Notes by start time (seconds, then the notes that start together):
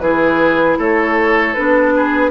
0.00 E3 E4 G#4 B4
0.79 A3 A4 C#5
1.54 B3 D4 B4
1.96 G#4